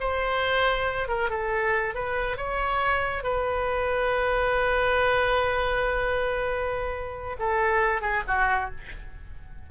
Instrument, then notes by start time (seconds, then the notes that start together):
oboe
0.00 C5
1.08 A#4
1.29 A4
1.94 B4
2.37 C#5
3.23 B4
7.39 A4
8.01 G#4
8.27 F#4